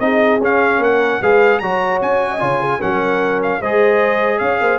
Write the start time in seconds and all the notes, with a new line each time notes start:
0.00 C4 D#4 G#4 D#5
0.40 C#4 F5
0.79 A#3 A#4 F#5
1.21 G#3 G#4 B4 F5
1.60 F#3 F#4 C#5 A#5
2.02 C#4 G#5
2.31 D#5
2.40 C#3 F4 C#5
2.61 G#4
2.82 F#3 C#4 A#4 F#5
3.43 F5
3.61 G#3 G#4 C5 D#5
4.39 C#4 C#5 F5
4.61 A#3 C5